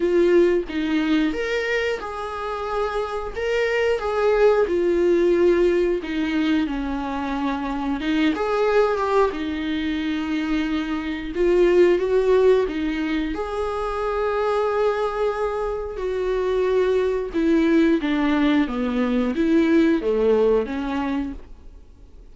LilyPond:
\new Staff \with { instrumentName = "viola" } { \time 4/4 \tempo 4 = 90 f'4 dis'4 ais'4 gis'4~ | gis'4 ais'4 gis'4 f'4~ | f'4 dis'4 cis'2 | dis'8 gis'4 g'8 dis'2~ |
dis'4 f'4 fis'4 dis'4 | gis'1 | fis'2 e'4 d'4 | b4 e'4 a4 cis'4 | }